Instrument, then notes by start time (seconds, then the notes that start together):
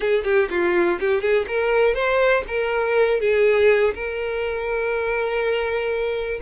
violin
0.00 G#4
0.24 G4
0.50 F4
1.00 G4
1.21 G#4
1.47 A#4
1.94 C5
2.47 A#4
3.20 G#4
3.94 A#4